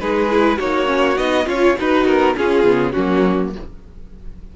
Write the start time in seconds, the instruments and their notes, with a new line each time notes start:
0.00 cello G#3, viola D#4, violin G#4 B4
0.31 viola E4
0.58 cello A#3, viola D#4, violin F#4 C#5
0.86 viola C#4
1.18 cello B3, viola D#4, violin D#5
1.46 cello C#4, viola F4, violin F4 C#5
1.79 violin D#4 B4, cello D#4, viola F#4
2.06 cello B3, violin A#4
2.36 viola C#4, cello C#4, violin F4 G#4
2.64 cello C#3, viola B3
2.92 cello F#3, viola A#3, violin C#4 F#4